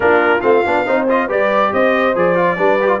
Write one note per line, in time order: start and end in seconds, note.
0.00 0.40 A#3
0.00 0.39 D4
0.00 0.86 F4
0.00 0.41 A#4
0.41 0.64 A3
0.41 0.63 C4
0.41 1.05 F5
0.66 0.87 B3
0.66 0.86 D4
0.86 1.29 C4
0.86 1.07 D#4
0.86 1.27 C5
1.08 1.28 F4
1.08 1.30 D#5
1.27 1.72 G3
1.27 2.14 G4
1.27 1.70 B4
1.27 1.73 D5
1.73 2.15 C4
1.73 2.57 C5
1.73 2.16 D#5
2.15 2.57 F3
2.15 2.35 G#4
2.15 3.00 D5
2.35 2.56 F4
2.57 3.00 G3
2.57 2.79 D4
2.57 3.00 B4
2.81 2.87 G4
2.87 2.98 F4